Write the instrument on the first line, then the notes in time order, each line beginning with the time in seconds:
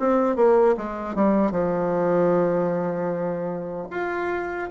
bassoon
0.00 C4
0.36 A#3
0.78 G#3
1.16 G3
1.52 F3
3.90 F4